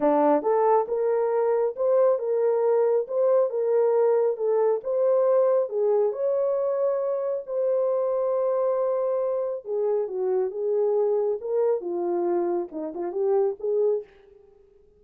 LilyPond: \new Staff \with { instrumentName = "horn" } { \time 4/4 \tempo 4 = 137 d'4 a'4 ais'2 | c''4 ais'2 c''4 | ais'2 a'4 c''4~ | c''4 gis'4 cis''2~ |
cis''4 c''2.~ | c''2 gis'4 fis'4 | gis'2 ais'4 f'4~ | f'4 dis'8 f'8 g'4 gis'4 | }